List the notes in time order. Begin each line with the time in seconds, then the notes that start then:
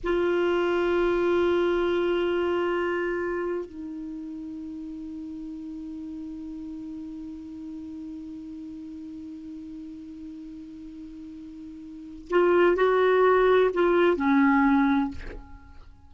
0.03 F4
3.65 D#4
12.30 F4
12.76 F#4
13.73 F4
14.16 C#4